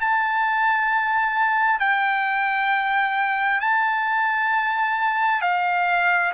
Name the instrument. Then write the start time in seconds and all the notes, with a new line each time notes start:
trumpet
0.00 A5
1.79 G5
3.61 A5
5.41 F5